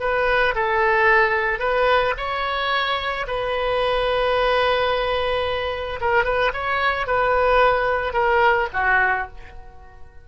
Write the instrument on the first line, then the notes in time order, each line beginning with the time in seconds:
oboe
0.00 B4
0.55 A4
1.60 B4
2.17 C#5
3.27 B4
6.01 A#4
6.25 B4
6.54 C#5
7.07 B4
8.13 A#4
8.73 F#4